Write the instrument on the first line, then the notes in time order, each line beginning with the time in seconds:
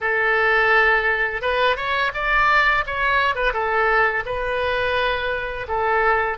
oboe
0.01 A4
1.41 B4
1.76 C#5
2.14 D5
2.86 C#5
3.35 B4
3.53 A4
4.25 B4
5.68 A4